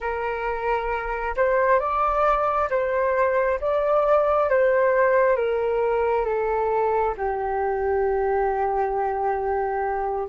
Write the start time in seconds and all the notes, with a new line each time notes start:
0.00 A#4
1.36 C5
1.79 D5
2.70 C5
3.60 D5
4.49 C5
5.36 A#4
6.25 A4
7.17 G4